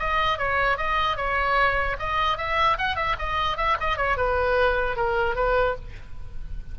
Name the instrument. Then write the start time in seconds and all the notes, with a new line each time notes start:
oboe
0.00 D#5
0.39 C#5
0.78 D#5
1.17 C#5
1.99 D#5
2.38 E5
2.79 F#5
2.96 E5
3.19 D#5
3.58 E5
3.81 D#5
3.97 C#5
4.18 B4
4.97 A#4
5.36 B4